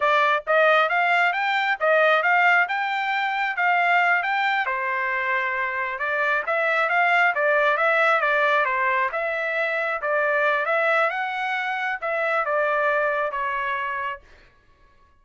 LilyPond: \new Staff \with { instrumentName = "trumpet" } { \time 4/4 \tempo 4 = 135 d''4 dis''4 f''4 g''4 | dis''4 f''4 g''2 | f''4. g''4 c''4.~ | c''4. d''4 e''4 f''8~ |
f''8 d''4 e''4 d''4 c''8~ | c''8 e''2 d''4. | e''4 fis''2 e''4 | d''2 cis''2 | }